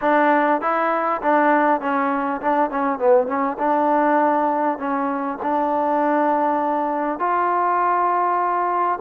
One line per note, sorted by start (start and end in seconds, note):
0.01 0.61 D4
0.61 1.21 E4
1.22 1.80 D4
1.80 2.40 C#4
2.41 2.70 D4
2.70 2.98 C#4
2.98 3.27 B3
3.27 3.57 C#4
3.58 4.78 D4
4.78 5.38 C#4
5.42 7.19 D4
7.19 8.99 F4